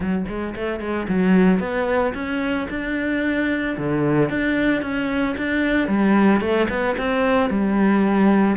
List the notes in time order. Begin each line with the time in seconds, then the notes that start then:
0.00 F#3
0.28 G#3
0.55 A3
0.80 G#3
1.08 F#3
1.59 B3
2.14 C#4
2.69 D4
3.77 D3
4.29 D4
4.82 C#4
5.37 D4
5.88 G3
6.40 A3
6.69 B3
6.97 C4
7.50 G3